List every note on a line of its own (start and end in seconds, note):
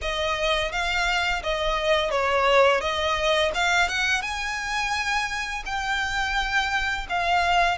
0.01 0.72 D#5
0.72 1.42 F5
1.43 2.10 D#5
2.10 2.80 C#5
2.80 3.51 D#5
3.54 3.88 F5
3.88 4.22 F#5
4.22 5.63 G#5
5.65 7.06 G5
7.09 7.77 F5